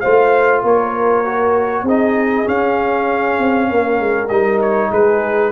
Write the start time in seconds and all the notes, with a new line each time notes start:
0.00 A3 F4 C5 F5
0.63 A#3 A#4 C#5
1.25 F#4
1.83 C4 D#4 G#4 D#5
2.45 C#4 F5
3.39 C4
3.70 A#3 A#4
3.99 G#3
4.29 G3 D#4 D#5
4.61 C#5
4.91 G#3 G#4 B4